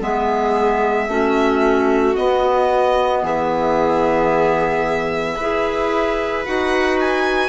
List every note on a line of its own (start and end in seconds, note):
0.00 1.08 G#3
0.00 1.07 B3
0.00 1.10 G#4
0.00 2.15 E5
1.08 2.15 A3
1.08 2.15 C#4
1.08 3.23 F#4
2.15 5.37 B3
2.15 3.22 B3
2.15 3.23 D#5
3.22 5.36 E3
3.22 5.36 G#4
3.22 6.45 E5
5.36 6.47 E4
5.36 6.45 G#4
5.36 7.49 B4
6.45 7.49 D#4
6.45 7.49 F#4
6.45 6.99 F#5
7.00 7.49 G#5